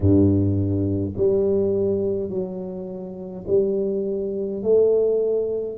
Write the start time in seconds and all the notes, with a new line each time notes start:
0.00 G2
1.16 G3
2.29 F#3
3.47 G3
4.62 A3